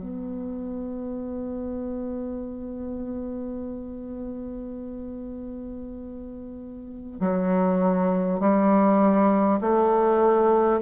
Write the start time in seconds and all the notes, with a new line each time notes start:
0.00 B3
7.20 F#3
8.39 G3
9.60 A3